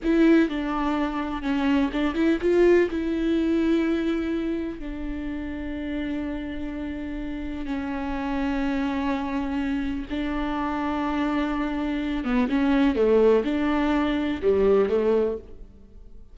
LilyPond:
\new Staff \with { instrumentName = "viola" } { \time 4/4 \tempo 4 = 125 e'4 d'2 cis'4 | d'8 e'8 f'4 e'2~ | e'2 d'2~ | d'1 |
cis'1~ | cis'4 d'2.~ | d'4. b8 cis'4 a4 | d'2 g4 a4 | }